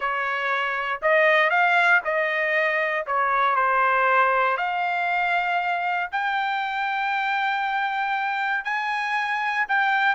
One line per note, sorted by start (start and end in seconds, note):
0.00 1.01 C#5
1.01 1.50 D#5
1.50 2.00 F5
2.04 3.06 D#5
3.06 3.55 C#5
3.55 4.57 C5
4.57 6.09 F5
6.11 8.64 G5
8.64 9.66 G#5
9.68 10.15 G5